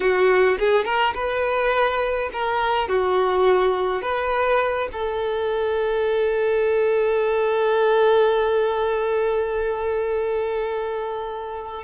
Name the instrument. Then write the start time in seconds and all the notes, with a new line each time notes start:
violin
0.00 F#4
0.58 G#4
0.84 A#4
1.14 B4
2.33 A#4
2.88 F#4
4.01 B4
4.92 A4